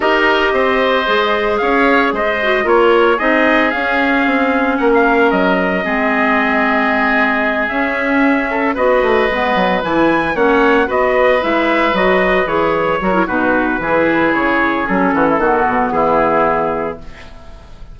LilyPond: <<
  \new Staff \with { instrumentName = "trumpet" } { \time 4/4 \tempo 4 = 113 dis''2. f''4 | dis''4 cis''4 dis''4 f''4~ | f''4 fis''16 f''8. dis''2~ | dis''2~ dis''8 e''4.~ |
e''8 dis''2 gis''4 fis''8~ | fis''8 dis''4 e''4 dis''4 cis''8~ | cis''4 b'2 cis''4 | a'2 gis'2 | }
  \new Staff \with { instrumentName = "oboe" } { \time 4/4 ais'4 c''2 cis''4 | c''4 ais'4 gis'2~ | gis'4 ais'2 gis'4~ | gis'1 |
a'8 b'2. cis''8~ | cis''8 b'2.~ b'8~ | b'8 ais'8 fis'4 gis'2~ | gis'8 fis'16 e'16 fis'4 e'2 | }
  \new Staff \with { instrumentName = "clarinet" } { \time 4/4 g'2 gis'2~ | gis'8 fis'8 f'4 dis'4 cis'4~ | cis'2. c'4~ | c'2~ c'8 cis'4.~ |
cis'8 fis'4 b4 e'4 cis'8~ | cis'8 fis'4 e'4 fis'4 gis'8~ | gis'8 fis'16 e'16 dis'4 e'2 | cis'4 b2. | }
  \new Staff \with { instrumentName = "bassoon" } { \time 4/4 dis'4 c'4 gis4 cis'4 | gis4 ais4 c'4 cis'4 | c'4 ais4 fis4 gis4~ | gis2~ gis8 cis'4.~ |
cis'8 b8 a8 gis8 fis8 e4 ais8~ | ais8 b4 gis4 fis4 e8~ | e8 fis8 b,4 e4 cis4 | fis8 e8 dis8 b,8 e2 | }
>>